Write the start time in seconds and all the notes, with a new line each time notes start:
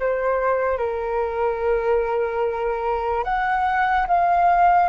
0.00 C5
0.78 A#4
3.24 F#5
4.08 F5